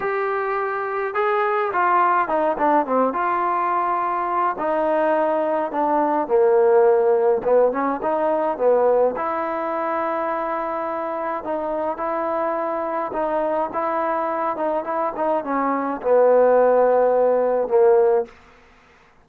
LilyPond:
\new Staff \with { instrumentName = "trombone" } { \time 4/4 \tempo 4 = 105 g'2 gis'4 f'4 | dis'8 d'8 c'8 f'2~ f'8 | dis'2 d'4 ais4~ | ais4 b8 cis'8 dis'4 b4 |
e'1 | dis'4 e'2 dis'4 | e'4. dis'8 e'8 dis'8 cis'4 | b2. ais4 | }